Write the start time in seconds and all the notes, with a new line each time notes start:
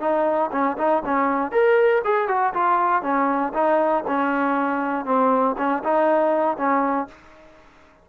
0.00 D#4
0.52 C#4
0.78 D#4
1.05 C#4
1.52 A#4
2.05 G#4
2.28 F#4
2.53 F4
3.03 C#4
3.54 D#4
4.07 C#4
5.05 C4
5.58 C#4
5.83 D#4
6.57 C#4